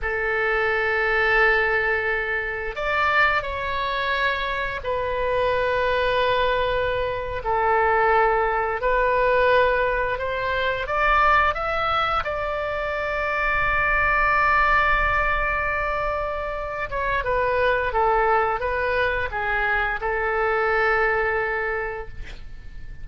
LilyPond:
\new Staff \with { instrumentName = "oboe" } { \time 4/4 \tempo 4 = 87 a'1 | d''4 cis''2 b'4~ | b'2~ b'8. a'4~ a'16~ | a'8. b'2 c''4 d''16~ |
d''8. e''4 d''2~ d''16~ | d''1~ | d''8 cis''8 b'4 a'4 b'4 | gis'4 a'2. | }